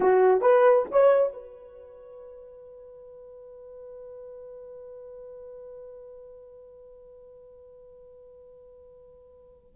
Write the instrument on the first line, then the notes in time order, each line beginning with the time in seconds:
horn
0.00 F#4
0.41 B4
0.91 C#5
1.33 B4